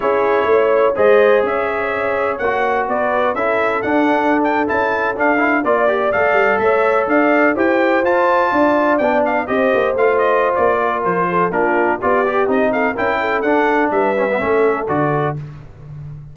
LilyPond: <<
  \new Staff \with { instrumentName = "trumpet" } { \time 4/4 \tempo 4 = 125 cis''2 dis''4 e''4~ | e''4 fis''4 d''4 e''4 | fis''4~ fis''16 g''8 a''4 f''4 d''16~ | d''8. f''4 e''4 f''4 g''16~ |
g''8. a''2 g''8 f''8 dis''16~ | dis''8. f''8 dis''8. d''4 c''4 | ais'4 d''4 dis''8 f''8 g''4 | fis''4 e''2 d''4 | }
  \new Staff \with { instrumentName = "horn" } { \time 4/4 gis'4 cis''4 c''4 cis''4~ | cis''2 b'4 a'4~ | a'2.~ a'8. d''16~ | d''4.~ d''16 cis''4 d''4 c''16~ |
c''4.~ c''16 d''2 c''16~ | c''2~ c''8 ais'4 a'8 | f'4 g'4. a'8 ais'8 a'8~ | a'4 b'4 a'2 | }
  \new Staff \with { instrumentName = "trombone" } { \time 4/4 e'2 gis'2~ | gis'4 fis'2 e'4 | d'4.~ d'16 e'4 d'8 e'8 f'16~ | f'16 g'8 a'2. g'16~ |
g'8. f'2 d'4 g'16~ | g'8. f'2.~ f'16 | d'4 f'8 g'8 dis'4 e'4 | d'4. cis'16 b16 cis'4 fis'4 | }
  \new Staff \with { instrumentName = "tuba" } { \time 4/4 cis'4 a4 gis4 cis'4~ | cis'4 ais4 b4 cis'4 | d'4.~ d'16 cis'4 d'4 ais16~ | ais8. a8 g8 a4 d'4 e'16~ |
e'8. f'4 d'4 b4 c'16~ | c'16 ais8 a4~ a16 ais4 f4 | ais4 b4 c'4 cis'4 | d'4 g4 a4 d4 | }
>>